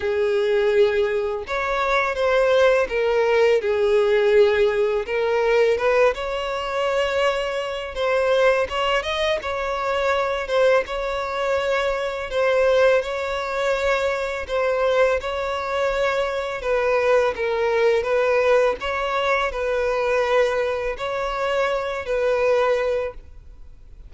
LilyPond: \new Staff \with { instrumentName = "violin" } { \time 4/4 \tempo 4 = 83 gis'2 cis''4 c''4 | ais'4 gis'2 ais'4 | b'8 cis''2~ cis''8 c''4 | cis''8 dis''8 cis''4. c''8 cis''4~ |
cis''4 c''4 cis''2 | c''4 cis''2 b'4 | ais'4 b'4 cis''4 b'4~ | b'4 cis''4. b'4. | }